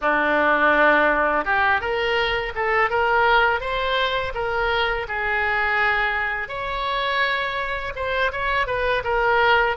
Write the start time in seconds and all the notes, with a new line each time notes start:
0.01 D4
1.45 G4
1.80 A#4
2.55 A4
2.90 A#4
3.60 C5
4.34 A#4
5.08 G#4
6.48 C#5
7.95 C5
8.32 C#5
8.66 B4
9.04 A#4